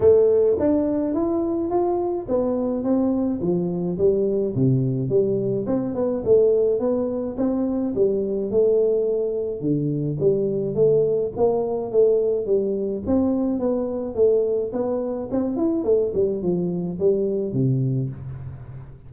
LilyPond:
\new Staff \with { instrumentName = "tuba" } { \time 4/4 \tempo 4 = 106 a4 d'4 e'4 f'4 | b4 c'4 f4 g4 | c4 g4 c'8 b8 a4 | b4 c'4 g4 a4~ |
a4 d4 g4 a4 | ais4 a4 g4 c'4 | b4 a4 b4 c'8 e'8 | a8 g8 f4 g4 c4 | }